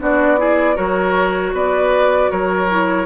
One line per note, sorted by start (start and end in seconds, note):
0.00 0.78 B3
0.00 0.38 D4
0.00 0.40 F#4
0.00 0.77 D5
0.38 0.75 E4
0.38 0.76 G#4
0.75 1.53 F#3
0.75 2.67 F#4
0.75 1.53 A#4
0.75 1.54 C#5
1.53 2.30 B3
1.53 2.31 B4
1.53 2.31 D5
2.31 3.06 F#3
2.31 3.06 A#4
2.31 3.06 C#5
2.70 3.06 E4